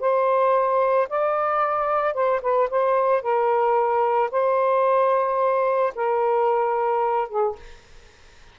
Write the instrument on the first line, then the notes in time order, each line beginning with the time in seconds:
saxophone
0.00 C5
1.09 D5
2.14 C5
2.42 B4
2.70 C5
3.22 A#4
4.31 C5
5.95 A#4
7.29 G#4